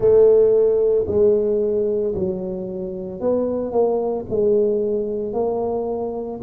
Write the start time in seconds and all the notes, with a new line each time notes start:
0.00 A3
1.07 G#3
2.14 F#3
3.20 B3
3.72 A#3
4.29 G#3
5.33 A#3